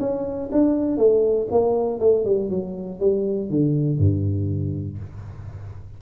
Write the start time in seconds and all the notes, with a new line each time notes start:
0.00 C#4
0.52 D4
0.98 A3
1.51 A#3
2.00 A3
2.25 G3
2.50 F#3
3.00 G3
3.50 D3
3.99 G2